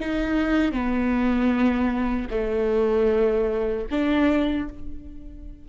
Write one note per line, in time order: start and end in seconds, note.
0.00 0.72 D#4
0.72 2.28 B3
2.30 3.86 A3
3.91 4.69 D4